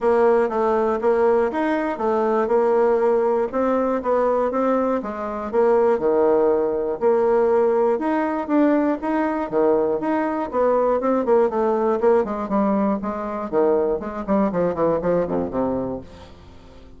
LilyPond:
\new Staff \with { instrumentName = "bassoon" } { \time 4/4 \tempo 4 = 120 ais4 a4 ais4 dis'4 | a4 ais2 c'4 | b4 c'4 gis4 ais4 | dis2 ais2 |
dis'4 d'4 dis'4 dis4 | dis'4 b4 c'8 ais8 a4 | ais8 gis8 g4 gis4 dis4 | gis8 g8 f8 e8 f8 f,8 c4 | }